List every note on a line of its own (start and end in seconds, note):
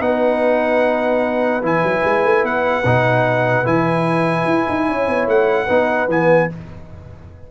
0.00 1.62 B3
0.00 1.62 D#4
0.00 4.88 B4
0.00 1.64 F#5
1.62 1.83 E3
1.62 2.84 E4
1.62 2.45 G#5
1.83 2.04 F#3
2.04 2.25 G#3
2.25 2.43 A3
2.43 2.84 B3
2.43 3.66 F#5
2.85 3.66 B2
2.85 3.65 D#4
3.65 4.45 E3
3.65 5.68 E4
3.65 5.29 G#5
4.45 4.65 E4
4.69 4.88 D#4
4.88 5.07 C#4
4.88 5.65 C#5
5.07 5.27 B3
5.27 5.68 A3
5.27 6.10 F#5
5.65 6.08 B3
5.65 6.09 D#4
5.65 6.47 B4
6.08 6.49 E3
6.08 6.49 B3
6.08 6.51 G#5